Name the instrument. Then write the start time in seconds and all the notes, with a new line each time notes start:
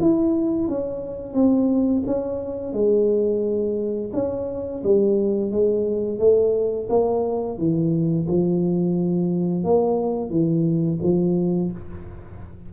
tuba
0.00 E4
0.68 C#4
1.34 C4
2.06 C#4
2.73 G#3
4.13 C#4
4.83 G3
5.51 G#3
6.19 A3
6.89 A#3
7.58 E3
8.28 F3
9.64 A#3
10.30 E3
11.03 F3